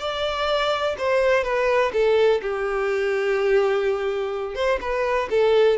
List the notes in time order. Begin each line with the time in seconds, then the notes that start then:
0.00 D5
0.99 C5
1.44 B4
1.93 A4
2.42 G4
4.55 C5
4.81 B4
5.30 A4